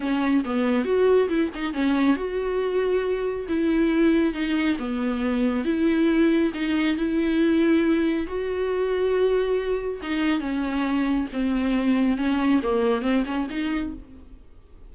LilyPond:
\new Staff \with { instrumentName = "viola" } { \time 4/4 \tempo 4 = 138 cis'4 b4 fis'4 e'8 dis'8 | cis'4 fis'2. | e'2 dis'4 b4~ | b4 e'2 dis'4 |
e'2. fis'4~ | fis'2. dis'4 | cis'2 c'2 | cis'4 ais4 c'8 cis'8 dis'4 | }